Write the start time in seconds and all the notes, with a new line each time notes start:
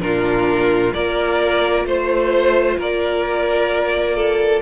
0.00 A#2 D4 F4 A#4
0.94 A#3 F4 A#4 D5
1.85 A3 C5
2.78 A#3 A#4 D5
4.16 A4